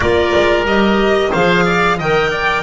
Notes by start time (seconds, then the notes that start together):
0.00 A#3 F4 A#4 D5
0.35 G#3
0.64 G3 G4 D#5
1.30 F3 G#4 C5 F5
1.65 D5
1.97 D#3 A#4 D#5 G5
2.30 D5